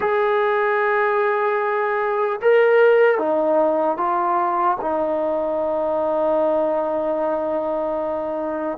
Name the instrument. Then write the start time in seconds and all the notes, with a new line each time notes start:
trombone
0.00 G#4
2.41 A#4
3.18 D#4
3.97 F4
4.81 D#4